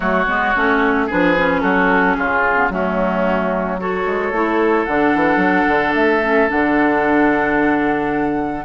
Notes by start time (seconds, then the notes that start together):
0.00 F#3 A3 F#4 C#5
0.26 G#3 B3
0.55 A3 C#4
1.06 F3 D4 G#4 B4
1.37 C#4
1.61 F#3 F#4 A4
2.14 C#3 F4 G#4
2.55 B3
2.69 F#3 A3 C#4 F#4
3.79 F#4 A4 C#5
4.05 G#3
4.31 A3 E4
4.84 D3 D4 F#5
5.14 E3
5.36 F#3
5.68 D3
5.94 A3 E5
6.22 C#4
6.48 D3 D4 F#5